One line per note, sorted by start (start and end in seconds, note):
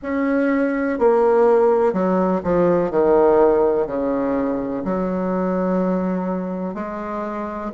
0.02 0.99 C#4
0.99 1.93 A#3
1.93 2.41 F#3
2.43 2.90 F3
2.90 3.86 D#3
3.86 4.83 C#3
4.84 6.74 F#3
6.74 7.71 G#3